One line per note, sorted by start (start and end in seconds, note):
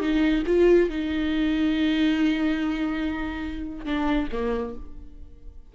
0.00 0.43 D#4
0.46 0.89 F4
0.89 3.85 D#4
3.85 4.28 D4
4.32 4.75 A#3